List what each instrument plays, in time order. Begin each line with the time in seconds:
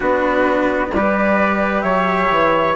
0.00 bassoon B3, cello D4, trumpet F#4, flute B4
0.93 bassoon G3, cello G4, trumpet B4, flute D5
1.80 bassoon F#3, trumpet C#5, flute E5
2.30 bassoon E3